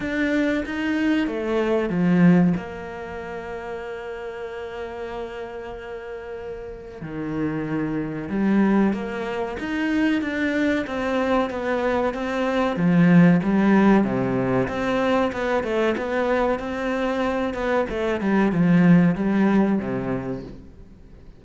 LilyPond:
\new Staff \with { instrumentName = "cello" } { \time 4/4 \tempo 4 = 94 d'4 dis'4 a4 f4 | ais1~ | ais2. dis4~ | dis4 g4 ais4 dis'4 |
d'4 c'4 b4 c'4 | f4 g4 c4 c'4 | b8 a8 b4 c'4. b8 | a8 g8 f4 g4 c4 | }